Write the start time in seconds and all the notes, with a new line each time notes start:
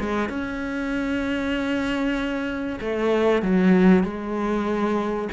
0.00 G#3
0.29 C#4
2.81 A3
3.42 F#3
4.04 G#3